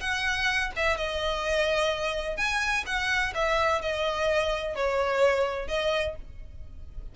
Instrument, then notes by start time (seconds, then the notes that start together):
violin
0.00 F#5
0.76 E5
0.97 D#5
2.36 G#5
2.86 F#5
3.34 E5
3.81 D#5
4.75 C#5
5.68 D#5